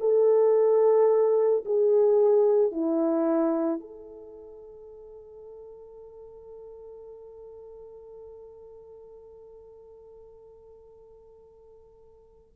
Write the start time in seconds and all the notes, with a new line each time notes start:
0.00 A4
1.65 G#4
2.71 E4
3.79 A4